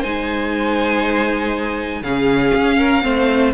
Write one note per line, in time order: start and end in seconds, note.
0.00 2.02 G#3
0.00 2.04 D#4
0.00 2.00 C5
0.00 2.03 G#5
2.02 2.52 C#3
2.02 3.02 C#4
2.02 2.78 G#4
2.02 3.53 F5
2.55 3.04 C#4
2.78 3.03 A#4
3.02 3.54 A3
3.02 3.52 C4
3.02 3.54 C5